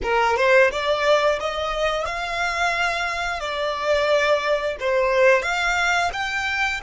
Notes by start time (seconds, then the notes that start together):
0.02 A#4
0.36 C5
0.71 D5
1.39 D#5
2.05 F5
3.40 D5
4.79 C5
5.42 F5
6.12 G5